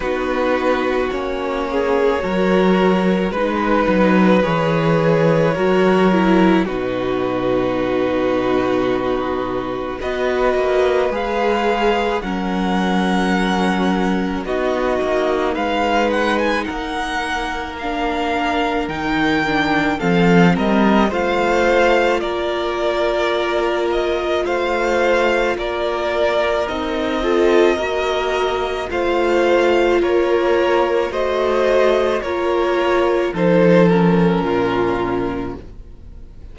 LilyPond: <<
  \new Staff \with { instrumentName = "violin" } { \time 4/4 \tempo 4 = 54 b'4 cis''2 b'4 | cis''2 b'2~ | b'4 dis''4 f''4 fis''4~ | fis''4 dis''4 f''8 fis''16 gis''16 fis''4 |
f''4 g''4 f''8 dis''8 f''4 | d''4. dis''8 f''4 d''4 | dis''2 f''4 cis''4 | dis''4 cis''4 c''8 ais'4. | }
  \new Staff \with { instrumentName = "violin" } { \time 4/4 fis'4. gis'8 ais'4 b'4~ | b'4 ais'4 fis'2~ | fis'4 b'2 ais'4~ | ais'4 fis'4 b'4 ais'4~ |
ais'2 a'8 ais'8 c''4 | ais'2 c''4 ais'4~ | ais'8 a'8 ais'4 c''4 ais'4 | c''4 ais'4 a'4 f'4 | }
  \new Staff \with { instrumentName = "viola" } { \time 4/4 dis'4 cis'4 fis'4 dis'4 | gis'4 fis'8 e'8 dis'2~ | dis'4 fis'4 gis'4 cis'4~ | cis'4 dis'2. |
d'4 dis'8 d'8 c'4 f'4~ | f'1 | dis'8 f'8 fis'4 f'2 | fis'4 f'4 dis'8 cis'4. | }
  \new Staff \with { instrumentName = "cello" } { \time 4/4 b4 ais4 fis4 gis8 fis8 | e4 fis4 b,2~ | b,4 b8 ais8 gis4 fis4~ | fis4 b8 ais8 gis4 ais4~ |
ais4 dis4 f8 g8 a4 | ais2 a4 ais4 | c'4 ais4 a4 ais4 | a4 ais4 f4 ais,4 | }
>>